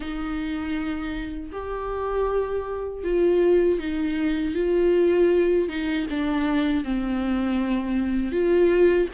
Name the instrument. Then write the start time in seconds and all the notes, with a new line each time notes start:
viola
0.00 D#4
1.52 G4
3.03 F4
3.79 D#4
4.54 F4
5.68 D#4
6.10 D4
6.84 C4
8.32 F4